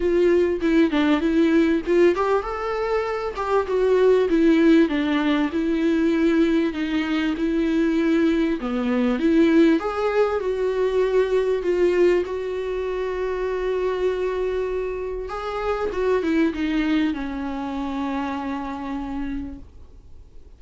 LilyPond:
\new Staff \with { instrumentName = "viola" } { \time 4/4 \tempo 4 = 98 f'4 e'8 d'8 e'4 f'8 g'8 | a'4. g'8 fis'4 e'4 | d'4 e'2 dis'4 | e'2 b4 e'4 |
gis'4 fis'2 f'4 | fis'1~ | fis'4 gis'4 fis'8 e'8 dis'4 | cis'1 | }